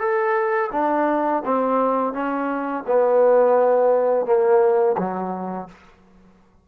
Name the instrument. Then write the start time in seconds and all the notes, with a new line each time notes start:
trombone
0.00 A4
0.73 D4
1.45 C4
2.13 C#4
2.87 B3
4.26 A#3
4.98 F#3